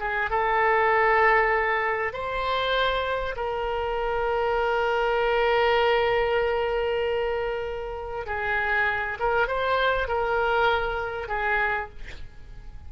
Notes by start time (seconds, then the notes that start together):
0.00 G#4
0.31 A4
2.13 C5
3.36 A#4
8.27 G#4
9.19 A#4
9.48 C5
10.08 A#4
11.28 G#4